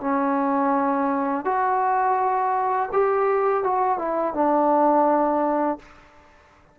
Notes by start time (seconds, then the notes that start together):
0.00 C#4
1.44 F#4
2.92 G4
3.63 F#4
3.98 E4
4.34 D4